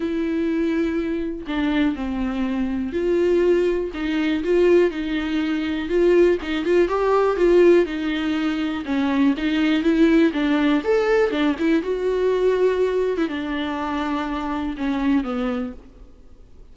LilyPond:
\new Staff \with { instrumentName = "viola" } { \time 4/4 \tempo 4 = 122 e'2. d'4 | c'2 f'2 | dis'4 f'4 dis'2 | f'4 dis'8 f'8 g'4 f'4 |
dis'2 cis'4 dis'4 | e'4 d'4 a'4 d'8 e'8 | fis'2~ fis'8. e'16 d'4~ | d'2 cis'4 b4 | }